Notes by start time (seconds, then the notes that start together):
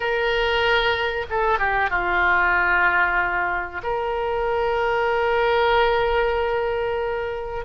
0.00 A#4
1.30 A4
1.58 G4
1.90 F4
3.83 A#4